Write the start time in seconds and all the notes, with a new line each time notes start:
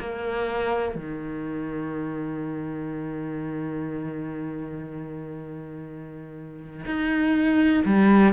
0.00 A#3
0.95 D#3
6.86 D#4
7.86 G3